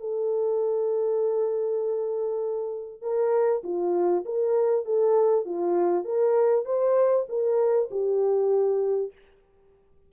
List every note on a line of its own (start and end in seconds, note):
0.00 3.02 A4
3.02 3.63 A#4
3.64 4.25 F4
4.25 4.85 A#4
4.85 5.45 A4
5.45 6.05 F4
6.05 6.65 A#4
6.66 7.26 C5
7.29 7.89 A#4
7.91 9.12 G4